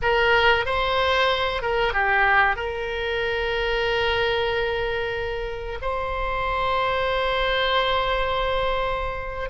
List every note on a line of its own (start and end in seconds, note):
0.02 0.65 A#4
0.65 1.62 C5
1.62 1.93 A#4
1.93 2.56 G4
2.56 5.78 A#4
5.81 9.49 C5